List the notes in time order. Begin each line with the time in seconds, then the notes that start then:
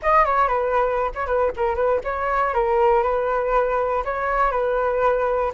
0.02 D#5
0.25 C#5
0.48 B4
1.14 C#5
1.26 B4
1.56 A#4
1.75 B4
2.04 C#5
2.53 A#4
3.03 B4
4.04 C#5
4.51 B4